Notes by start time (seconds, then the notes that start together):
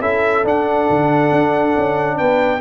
0.00 C#4 E4 A4 E5
0.44 D4 F#5
0.90 D3
1.32 D4
1.77 C#4
2.17 B3 B4 G5